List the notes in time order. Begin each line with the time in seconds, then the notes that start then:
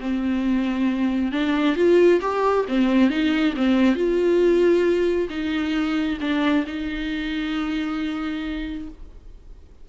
0.00 C4
1.32 D4
1.76 F4
2.21 G4
2.68 C4
3.10 D#4
3.57 C4
3.95 F4
5.29 D#4
6.21 D4
6.66 D#4